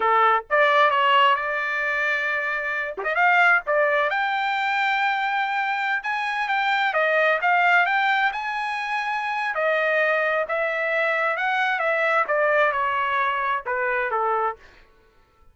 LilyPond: \new Staff \with { instrumentName = "trumpet" } { \time 4/4 \tempo 4 = 132 a'4 d''4 cis''4 d''4~ | d''2~ d''8 g'16 dis''16 f''4 | d''4 g''2.~ | g''4~ g''16 gis''4 g''4 dis''8.~ |
dis''16 f''4 g''4 gis''4.~ gis''16~ | gis''4 dis''2 e''4~ | e''4 fis''4 e''4 d''4 | cis''2 b'4 a'4 | }